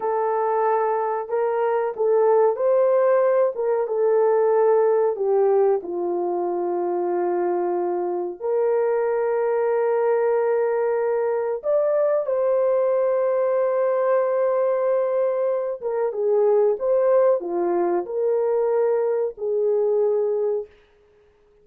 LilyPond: \new Staff \with { instrumentName = "horn" } { \time 4/4 \tempo 4 = 93 a'2 ais'4 a'4 | c''4. ais'8 a'2 | g'4 f'2.~ | f'4 ais'2.~ |
ais'2 d''4 c''4~ | c''1~ | c''8 ais'8 gis'4 c''4 f'4 | ais'2 gis'2 | }